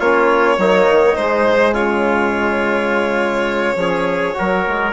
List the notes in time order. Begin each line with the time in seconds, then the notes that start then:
0.00 A#3 C#4 F4 C#5
0.58 F#3 A#3 D#4
0.92 D#3
1.16 G#3 C5
1.47 G#2
1.73 C#3 F4 C#5
3.76 F3 C#4 G#4
4.34 F#3 F#4 A#4
4.68 G#3